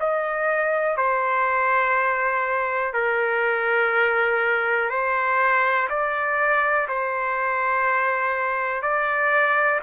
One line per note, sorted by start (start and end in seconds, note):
0.00 0.97 D#5
0.97 2.94 C5
2.94 4.90 A#4
4.90 5.88 C5
5.90 6.88 D5
6.89 8.82 C5
8.82 9.80 D5